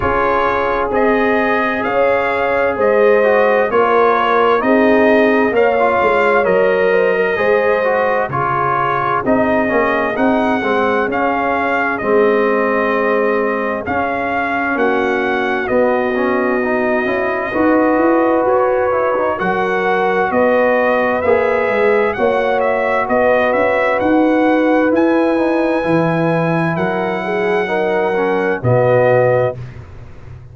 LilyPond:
<<
  \new Staff \with { instrumentName = "trumpet" } { \time 4/4 \tempo 4 = 65 cis''4 dis''4 f''4 dis''4 | cis''4 dis''4 f''4 dis''4~ | dis''4 cis''4 dis''4 fis''4 | f''4 dis''2 f''4 |
fis''4 dis''2. | cis''4 fis''4 dis''4 e''4 | fis''8 e''8 dis''8 e''8 fis''4 gis''4~ | gis''4 fis''2 dis''4 | }
  \new Staff \with { instrumentName = "horn" } { \time 4/4 gis'2 cis''4 c''4 | ais'4 gis'4 cis''4. c''16 ais'16 | c''4 gis'2.~ | gis'1 |
fis'2. b'4~ | b'4 ais'4 b'2 | cis''4 b'2.~ | b'4 ais'8 gis'8 ais'4 fis'4 | }
  \new Staff \with { instrumentName = "trombone" } { \time 4/4 f'4 gis'2~ gis'8 fis'8 | f'4 dis'4 ais'16 f'8. ais'4 | gis'8 fis'8 f'4 dis'8 cis'8 dis'8 c'8 | cis'4 c'2 cis'4~ |
cis'4 b8 cis'8 dis'8 e'8 fis'4~ | fis'8 e'16 dis'16 fis'2 gis'4 | fis'2. e'8 dis'8 | e'2 dis'8 cis'8 b4 | }
  \new Staff \with { instrumentName = "tuba" } { \time 4/4 cis'4 c'4 cis'4 gis4 | ais4 c'4 ais8 gis8 fis4 | gis4 cis4 c'8 ais8 c'8 gis8 | cis'4 gis2 cis'4 |
ais4 b4. cis'8 dis'8 e'8 | fis'4 fis4 b4 ais8 gis8 | ais4 b8 cis'8 dis'4 e'4 | e4 fis2 b,4 | }
>>